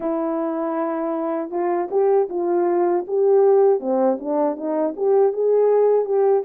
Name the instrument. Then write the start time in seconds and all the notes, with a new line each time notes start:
horn
0.00 E4
1.50 F4
1.90 G4
2.29 F4
3.07 G4
3.80 C4
4.19 D4
4.56 D#4
4.96 G4
5.33 G#4
6.05 G4